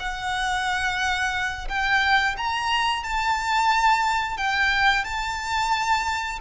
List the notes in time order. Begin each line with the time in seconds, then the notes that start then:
0.00 F#5
1.69 G5
2.37 A#5
3.04 A5
4.38 G5
5.05 A5